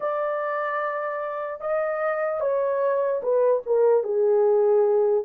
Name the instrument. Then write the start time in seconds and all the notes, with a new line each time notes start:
horn
0.00 D5
1.61 D#5
2.40 C#5
3.22 B4
3.66 A#4
4.03 G#4